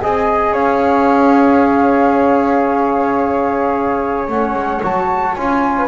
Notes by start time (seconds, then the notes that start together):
0.00 C4 G#4 D#5 G#5
0.52 C#4 C#5 F5
4.27 A3 C#4 F#5
4.54 G#3
4.82 F#3 F#4 A5
5.34 C#4 F4 G#5
5.77 B4